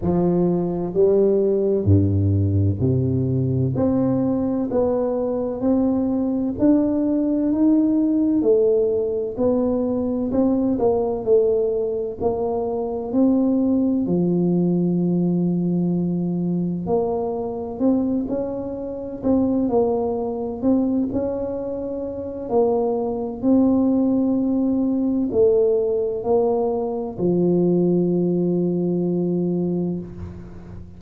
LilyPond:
\new Staff \with { instrumentName = "tuba" } { \time 4/4 \tempo 4 = 64 f4 g4 g,4 c4 | c'4 b4 c'4 d'4 | dis'4 a4 b4 c'8 ais8 | a4 ais4 c'4 f4~ |
f2 ais4 c'8 cis'8~ | cis'8 c'8 ais4 c'8 cis'4. | ais4 c'2 a4 | ais4 f2. | }